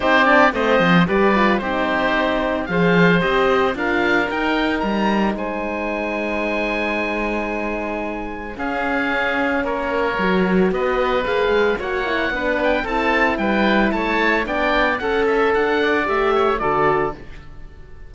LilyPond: <<
  \new Staff \with { instrumentName = "oboe" } { \time 4/4 \tempo 4 = 112 c''8 d''8 dis''4 d''4 c''4~ | c''4 f''4 dis''4 f''4 | g''4 ais''4 gis''2~ | gis''1 |
f''2 cis''2 | dis''4 f''4 fis''4. g''8 | a''4 g''4 a''4 g''4 | fis''8 e''8 fis''4 e''4 d''4 | }
  \new Staff \with { instrumentName = "oboe" } { \time 4/4 g'4 c''4 b'4 g'4~ | g'4 c''2 ais'4~ | ais'2 c''2~ | c''1 |
gis'2 ais'2 | b'2 cis''4 b'4 | a'4 b'4 cis''4 d''4 | a'4. d''4 cis''8 a'4 | }
  \new Staff \with { instrumentName = "horn" } { \time 4/4 dis'8 d'8 c'4 g'8 f'8 dis'4~ | dis'4 gis'4 g'4 f'4 | dis'1~ | dis'1 |
cis'2. fis'4~ | fis'4 gis'4 fis'8 e'8 d'4 | e'2. d'4 | a'2 g'4 fis'4 | }
  \new Staff \with { instrumentName = "cello" } { \time 4/4 c'4 a8 f8 g4 c'4~ | c'4 f4 c'4 d'4 | dis'4 g4 gis2~ | gis1 |
cis'2 ais4 fis4 | b4 ais8 gis8 ais4 b4 | c'4 g4 a4 b4 | cis'4 d'4 a4 d4 | }
>>